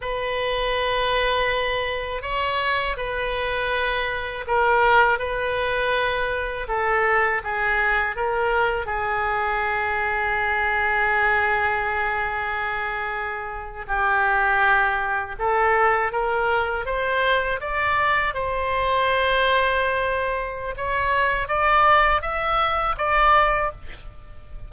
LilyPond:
\new Staff \with { instrumentName = "oboe" } { \time 4/4 \tempo 4 = 81 b'2. cis''4 | b'2 ais'4 b'4~ | b'4 a'4 gis'4 ais'4 | gis'1~ |
gis'2~ gis'8. g'4~ g'16~ | g'8. a'4 ais'4 c''4 d''16~ | d''8. c''2.~ c''16 | cis''4 d''4 e''4 d''4 | }